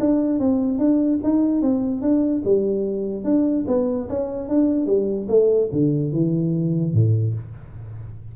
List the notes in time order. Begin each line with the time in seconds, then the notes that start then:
0.00 D4
0.39 C4
0.78 D4
1.23 D#4
1.62 C4
2.01 D4
2.45 G3
3.24 D4
3.67 B3
4.09 C#4
4.49 D4
4.86 G3
5.29 A3
5.72 D3
6.12 E3
6.94 A2